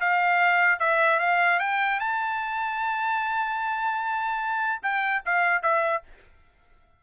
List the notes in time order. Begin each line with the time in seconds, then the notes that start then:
0.00 F5
0.79 E5
1.19 F5
1.59 G5
2.00 A5
4.82 G5
5.25 F5
5.62 E5